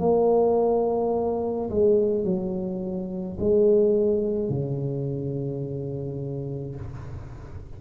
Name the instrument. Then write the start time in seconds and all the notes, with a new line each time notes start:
tuba
0.00 A#3
1.70 G#3
2.25 F#3
3.40 G#3
4.50 C#3